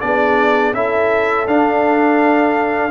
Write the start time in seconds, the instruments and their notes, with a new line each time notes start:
0.00 tuba B3, trombone D4, horn G#4, trumpet D5
0.73 tuba C#4, trombone E4, horn A4, trumpet E5
1.46 tuba D4, trombone D4, trumpet F5